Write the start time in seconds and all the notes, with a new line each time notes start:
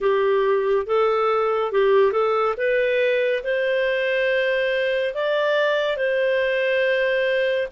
0.00 G4
0.86 A4
1.72 G4
2.12 A4
2.57 B4
3.43 C5
5.14 D5
5.96 C5